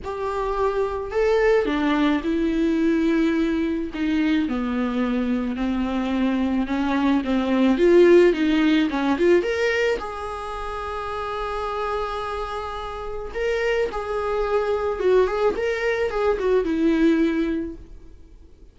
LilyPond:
\new Staff \with { instrumentName = "viola" } { \time 4/4 \tempo 4 = 108 g'2 a'4 d'4 | e'2. dis'4 | b2 c'2 | cis'4 c'4 f'4 dis'4 |
cis'8 f'8 ais'4 gis'2~ | gis'1 | ais'4 gis'2 fis'8 gis'8 | ais'4 gis'8 fis'8 e'2 | }